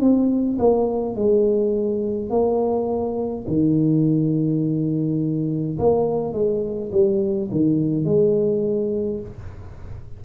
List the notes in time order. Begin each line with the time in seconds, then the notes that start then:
0.00 C4
0.58 A#3
1.15 G#3
2.30 A#3
3.47 D#3
5.78 A#3
6.33 G#3
6.92 G3
7.51 D#3
8.05 G#3